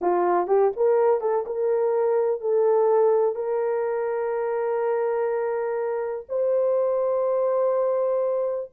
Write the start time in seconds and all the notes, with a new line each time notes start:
0.01 F4
0.47 G4
0.76 A#4
1.21 A4
1.46 A#4
2.40 A4
3.35 A#4
6.28 C5